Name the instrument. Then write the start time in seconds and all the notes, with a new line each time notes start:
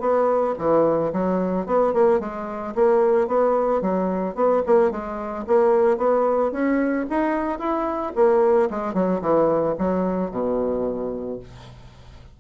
bassoon
0.00 B3
0.58 E3
1.13 F#3
1.66 B3
1.93 A#3
2.20 G#3
2.75 A#3
3.27 B3
3.82 F#3
4.35 B3
4.66 A#3
4.91 G#3
5.47 A#3
5.98 B3
6.52 C#4
7.10 D#4
7.59 E4
8.15 A#3
8.70 G#3
8.94 F#3
9.21 E3
9.78 F#3
10.31 B2